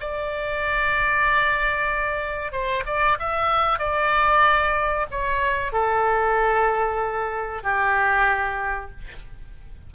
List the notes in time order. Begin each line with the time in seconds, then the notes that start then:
0.00 D5
2.52 C5
2.86 D5
3.19 E5
3.79 D5
5.11 C#5
5.72 A4
7.63 G4